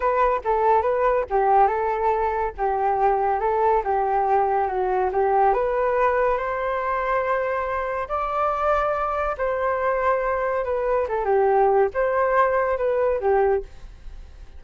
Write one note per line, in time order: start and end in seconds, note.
0.00 0.41 B4
0.44 0.82 A4
0.82 1.24 B4
1.30 1.67 G4
1.67 2.52 A4
2.57 3.40 G4
3.40 3.82 A4
3.84 4.67 G4
4.67 5.10 F#4
5.12 5.53 G4
5.53 6.37 B4
6.37 8.08 C5
8.08 9.36 D5
9.37 10.64 C5
10.64 11.07 B4
11.08 11.25 A4
11.25 11.88 G4
11.94 12.77 C5
12.77 13.20 B4
13.20 13.62 G4